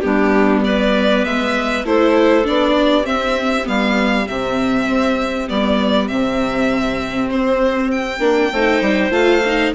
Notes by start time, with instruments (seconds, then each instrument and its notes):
0.00 bassoon G3, viola B3, clarinet D4, violin G4
0.64 clarinet B4, violin D5
1.25 bassoon G#3, violin E5
1.84 bassoon A3, viola E4, clarinet A4, violin C5
2.44 bassoon B3, viola D4, violin D5
2.73 clarinet G4
3.03 viola C4, bassoon C4, violin E5
3.64 bassoon G3, viola B3, violin F5
4.27 bassoon C3, viola C4, violin E5
4.88 bassoon C4
5.48 bassoon G3, viola B3, violin D5
6.07 bassoon C3, viola C4, violin E5
7.30 bassoon C4, violin C5
7.91 violin G5
8.19 bassoon A#3, viola D4
8.52 bassoon A3, viola D#4, clarinet C5
8.81 bassoon G3
9.10 bassoon A3, viola F4, violin F5
9.45 viola D#4